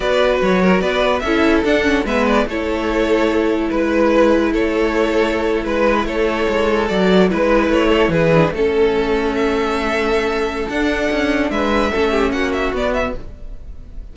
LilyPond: <<
  \new Staff \with { instrumentName = "violin" } { \time 4/4 \tempo 4 = 146 d''4 cis''4 d''4 e''4 | fis''4 e''8 d''8 cis''2~ | cis''4 b'2 cis''4~ | cis''4.~ cis''16 b'4 cis''4~ cis''16~ |
cis''8. d''4 b'4 cis''4 b'16~ | b'8. a'2 e''4~ e''16~ | e''2 fis''2 | e''2 fis''8 e''8 d''8 e''8 | }
  \new Staff \with { instrumentName = "violin" } { \time 4/4 b'4. ais'8 b'4 a'4~ | a'4 b'4 a'2~ | a'4 b'2 a'4~ | a'4.~ a'16 b'4 a'4~ a'16~ |
a'4.~ a'16 b'4. a'8 gis'16~ | gis'8. a'2.~ a'16~ | a'1 | b'4 a'8 g'8 fis'2 | }
  \new Staff \with { instrumentName = "viola" } { \time 4/4 fis'2. e'4 | d'8 cis'8 b4 e'2~ | e'1~ | e'1~ |
e'8. fis'4 e'2~ e'16~ | e'16 d'8 cis'2.~ cis'16~ | cis'2 d'2~ | d'4 cis'2 b4 | }
  \new Staff \with { instrumentName = "cello" } { \time 4/4 b4 fis4 b4 cis'4 | d'4 gis4 a2~ | a4 gis2 a4~ | a4.~ a16 gis4 a4 gis16~ |
gis8. fis4 gis4 a4 e16~ | e8. a2.~ a16~ | a2 d'4 cis'4 | gis4 a4 ais4 b4 | }
>>